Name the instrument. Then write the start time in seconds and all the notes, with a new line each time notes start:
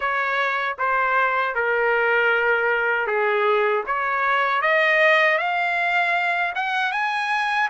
trumpet
0.00 C#5
0.78 C5
1.55 A#4
3.07 G#4
3.86 C#5
4.62 D#5
5.37 F5
6.55 F#5
6.92 G#5